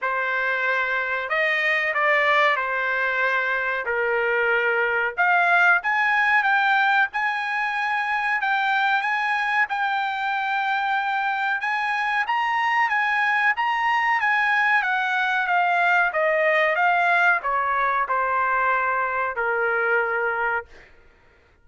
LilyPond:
\new Staff \with { instrumentName = "trumpet" } { \time 4/4 \tempo 4 = 93 c''2 dis''4 d''4 | c''2 ais'2 | f''4 gis''4 g''4 gis''4~ | gis''4 g''4 gis''4 g''4~ |
g''2 gis''4 ais''4 | gis''4 ais''4 gis''4 fis''4 | f''4 dis''4 f''4 cis''4 | c''2 ais'2 | }